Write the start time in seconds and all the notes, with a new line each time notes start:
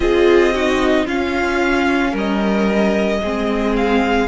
0.00 C4 F4 G#4 D#5
0.54 D#4 F#4
1.05 C#4 F4 F5
2.11 G3 A#4
2.17 D#5
3.22 G#3 C4 G#4
3.76 F5